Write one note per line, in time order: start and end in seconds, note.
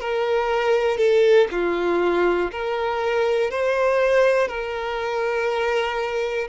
0.00 0.97 A#4
0.97 1.47 A4
1.50 2.50 F4
2.51 3.50 A#4
3.50 4.48 C5
4.48 6.48 A#4